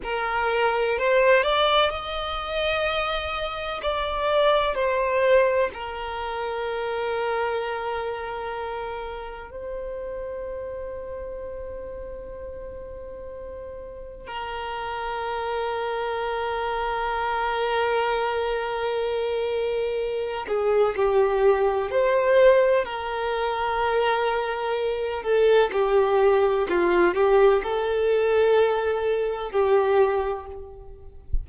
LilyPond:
\new Staff \with { instrumentName = "violin" } { \time 4/4 \tempo 4 = 63 ais'4 c''8 d''8 dis''2 | d''4 c''4 ais'2~ | ais'2 c''2~ | c''2. ais'4~ |
ais'1~ | ais'4. gis'8 g'4 c''4 | ais'2~ ais'8 a'8 g'4 | f'8 g'8 a'2 g'4 | }